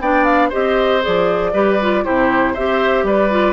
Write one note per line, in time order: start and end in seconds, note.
0.00 0.51 B3
0.00 0.51 D4
0.00 0.49 D5
0.00 0.24 G5
0.24 0.49 F5
0.49 1.06 C4
0.49 1.02 G4
0.49 1.51 C5
0.49 1.03 D#5
1.02 1.53 F3
1.02 1.52 G#4
1.02 2.04 D5
1.53 2.04 G3
1.53 1.79 G4
1.53 2.04 B4
1.81 2.04 F4
2.04 2.57 C3
2.04 2.55 E4
2.04 2.53 G4
2.04 2.55 C5
2.53 3.03 C4
2.53 3.30 G4
2.53 3.04 C5
2.53 3.05 E5
3.03 3.52 G3
3.03 3.52 B4
3.03 3.52 D5
3.30 3.52 F4